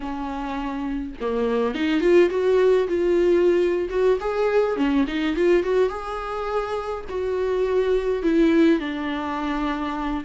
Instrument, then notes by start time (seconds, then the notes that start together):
viola
0.00 C#4
1.20 A#3
1.74 D#4
2.00 F4
2.29 F#4
2.87 F4
3.89 F#4
4.20 G#4
4.76 C#4
5.07 D#4
5.36 F4
5.63 F#4
5.89 G#4
7.09 F#4
8.23 E4
8.79 D4